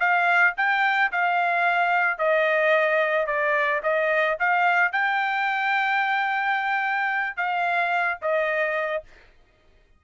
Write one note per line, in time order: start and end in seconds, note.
0.00 0.55 F5
0.57 1.12 G5
1.12 2.19 F5
2.19 3.27 D#5
3.27 3.81 D5
3.83 4.38 D#5
4.40 4.93 F5
4.93 7.37 G5
7.37 8.19 F5
8.22 9.04 D#5